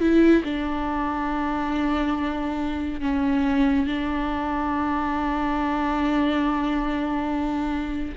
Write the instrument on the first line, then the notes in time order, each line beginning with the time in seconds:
viola
0.00 E4
0.44 D4
3.01 C#4
3.86 D4